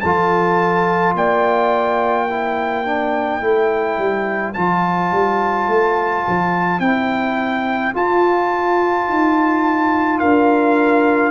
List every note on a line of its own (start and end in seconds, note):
0.00 1.14 F3
0.00 2.29 F4
0.00 1.16 A4
0.00 1.13 A5
1.14 3.41 A#3
1.14 2.28 D5
1.14 4.53 G5
2.28 2.85 E4
2.28 10.20 C5
2.85 3.41 D4
3.41 3.97 A3
3.41 4.54 E4
3.97 4.54 G3
4.53 5.11 F3
4.53 6.80 F4
4.53 6.79 A5
5.11 5.67 G3
5.67 6.24 A3
6.28 6.79 F3
6.79 7.92 C4
6.79 7.93 E4
6.79 7.93 G5
7.93 11.31 F4
7.93 9.08 F4
7.93 10.19 A5
9.08 10.21 D#4
10.19 11.31 D4
10.19 11.31 A#4
10.19 11.31 F5